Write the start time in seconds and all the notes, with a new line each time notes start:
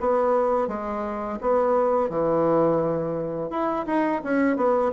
0.00 B3
0.67 G#3
1.41 B3
2.09 E3
3.50 E4
3.86 D#4
4.23 C#4
4.56 B3